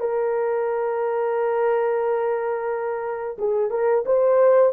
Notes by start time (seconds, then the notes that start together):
0.00 A#4
3.38 G#4
3.70 A#4
4.06 C5